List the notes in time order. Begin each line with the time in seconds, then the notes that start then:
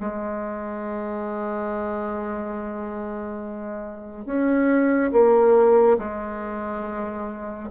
0.00 G#3
4.25 C#4
5.12 A#3
5.98 G#3